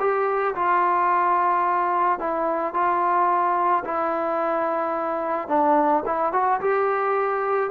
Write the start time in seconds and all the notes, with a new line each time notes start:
0.00 G4
0.55 F4
2.20 E4
2.74 F4
3.85 E4
5.48 D4
6.06 E4
6.33 F#4
6.61 G4